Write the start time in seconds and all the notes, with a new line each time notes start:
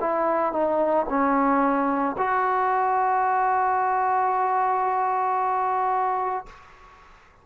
0.00 E4
0.52 D#4
1.09 C#4
2.17 F#4